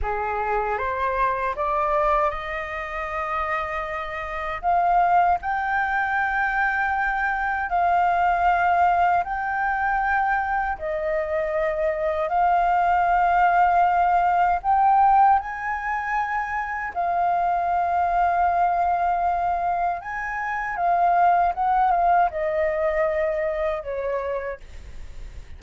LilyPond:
\new Staff \with { instrumentName = "flute" } { \time 4/4 \tempo 4 = 78 gis'4 c''4 d''4 dis''4~ | dis''2 f''4 g''4~ | g''2 f''2 | g''2 dis''2 |
f''2. g''4 | gis''2 f''2~ | f''2 gis''4 f''4 | fis''8 f''8 dis''2 cis''4 | }